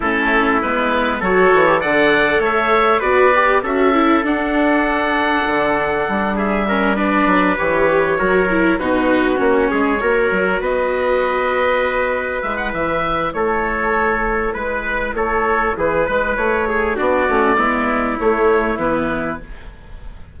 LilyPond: <<
  \new Staff \with { instrumentName = "oboe" } { \time 4/4 \tempo 4 = 99 a'4 b'4 cis''4 fis''4 | e''4 d''4 e''4 fis''4~ | fis''2~ fis''8 e''4 d''8~ | d''8 cis''2 b'4 cis''8~ |
cis''4. dis''2~ dis''8~ | dis''8 e''16 fis''16 e''4 cis''2 | b'4 cis''4 b'4 cis''4 | d''2 cis''4 b'4 | }
  \new Staff \with { instrumentName = "trumpet" } { \time 4/4 e'2 a'4 d''4 | cis''4 b'4 a'2~ | a'2~ a'8 gis'8 ais'8 b'8~ | b'4. ais'4 fis'4. |
gis'8 ais'4 b'2~ b'8~ | b'2 a'2 | b'4 a'4 gis'8 b'4 gis'8 | fis'4 e'2. | }
  \new Staff \with { instrumentName = "viola" } { \time 4/4 cis'4 b4 fis'8. g'16 a'4~ | a'4 fis'8 g'8 fis'8 e'8 d'4~ | d'2. cis'8 d'8~ | d'8 g'4 fis'8 e'8 dis'4 cis'8~ |
cis'8 fis'2.~ fis'8~ | fis'8 e'2.~ e'8~ | e'1 | d'8 cis'8 b4 a4 b4 | }
  \new Staff \with { instrumentName = "bassoon" } { \time 4/4 a4 gis4 fis8 e8 d4 | a4 b4 cis'4 d'4~ | d'4 d4 g2 | fis8 e4 fis4 b,4 ais8 |
gis8 ais8 fis8 b2~ b8~ | b8 gis8 e4 a2 | gis4 a4 e8 gis8 a4 | b8 a8 gis4 a4 e4 | }
>>